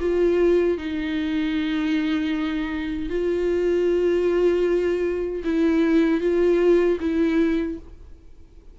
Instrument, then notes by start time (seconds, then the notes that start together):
viola
0.00 F4
0.78 D#4
3.10 F4
5.44 E4
6.21 F4
7.00 E4